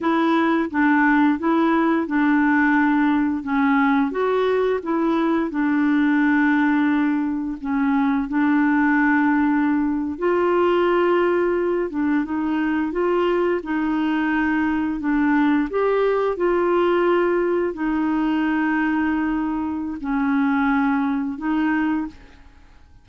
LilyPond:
\new Staff \with { instrumentName = "clarinet" } { \time 4/4 \tempo 4 = 87 e'4 d'4 e'4 d'4~ | d'4 cis'4 fis'4 e'4 | d'2. cis'4 | d'2~ d'8. f'4~ f'16~ |
f'4~ f'16 d'8 dis'4 f'4 dis'16~ | dis'4.~ dis'16 d'4 g'4 f'16~ | f'4.~ f'16 dis'2~ dis'16~ | dis'4 cis'2 dis'4 | }